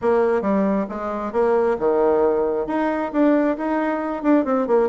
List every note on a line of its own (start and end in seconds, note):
0.01 0.41 A#3
0.41 0.86 G3
0.89 1.32 G#3
1.32 1.77 A#3
1.79 2.67 D#3
2.67 3.11 D#4
3.12 3.56 D4
3.57 4.22 D#4
4.22 4.44 D4
4.44 4.67 C4
4.67 4.89 A#3